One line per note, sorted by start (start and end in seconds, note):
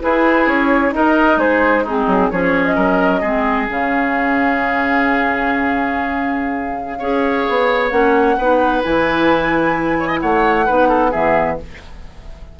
0.00 0.92 E4
0.00 0.47 E4
0.00 0.94 G#4
0.00 0.48 B4
0.47 0.92 C#4
0.47 0.94 C#5
0.92 1.37 D#4
0.92 1.85 D#4
0.92 1.39 A#4
0.92 1.40 D#5
1.37 2.05 G#3
1.37 1.84 G#4
1.37 1.85 C5
1.84 2.33 C4
1.84 2.30 D#4
1.84 2.31 G#4
2.07 2.30 F#3
2.31 2.77 F3
2.31 3.23 C#4
2.31 2.75 G#4
2.31 2.65 C#5
2.65 3.67 D#5
2.75 3.22 F#3
2.75 3.21 A#4
3.21 3.68 G#3
3.21 3.68 C4
3.21 6.98 G#4
3.67 7.01 C#3
3.67 7.00 C#4
3.67 7.90 F5
6.99 7.47 C#4
6.99 7.92 G#4
6.99 8.36 C#5
7.49 7.92 B3
7.90 8.37 A#3
7.90 8.37 C#4
7.90 8.82 F#5
8.38 8.84 B3
8.38 8.83 D#4
8.38 9.98 B4
8.83 10.23 E3
8.83 10.67 E4
8.83 10.21 G#5
9.99 10.08 C#5
10.08 10.19 D#5
10.21 10.69 A3
10.21 10.66 C#5
10.21 11.12 F#5
10.66 11.14 B3
10.66 11.12 D#4
10.66 10.89 B4
10.89 11.11 A4
11.11 11.60 E3
11.11 11.57 B3
11.11 11.57 G#4
11.11 11.58 E5